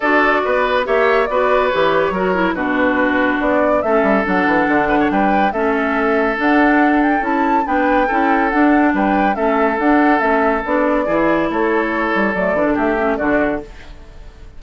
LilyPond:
<<
  \new Staff \with { instrumentName = "flute" } { \time 4/4 \tempo 4 = 141 d''2 e''4 d''4 | cis''2 b'2 | d''4 e''4 fis''2 | g''4 e''2 fis''4~ |
fis''8 g''8 a''4 g''2 | fis''4 g''4 e''4 fis''4 | e''4 d''2 cis''4~ | cis''4 d''4 e''4 d''4 | }
  \new Staff \with { instrumentName = "oboe" } { \time 4/4 a'4 b'4 cis''4 b'4~ | b'4 ais'4 fis'2~ | fis'4 a'2~ a'8 b'16 cis''16 | b'4 a'2.~ |
a'2 b'4 a'4~ | a'4 b'4 a'2~ | a'2 gis'4 a'4~ | a'2 g'4 fis'4 | }
  \new Staff \with { instrumentName = "clarinet" } { \time 4/4 fis'2 g'4 fis'4 | g'4 fis'8 e'8 d'2~ | d'4 cis'4 d'2~ | d'4 cis'2 d'4~ |
d'4 e'4 d'4 e'4 | d'2 cis'4 d'4 | cis'4 d'4 e'2~ | e'4 a8 d'4 cis'8 d'4 | }
  \new Staff \with { instrumentName = "bassoon" } { \time 4/4 d'4 b4 ais4 b4 | e4 fis4 b,2 | b4 a8 g8 fis8 e8 d4 | g4 a2 d'4~ |
d'4 cis'4 b4 cis'4 | d'4 g4 a4 d'4 | a4 b4 e4 a4~ | a8 g8 fis8 e16 d16 a4 d4 | }
>>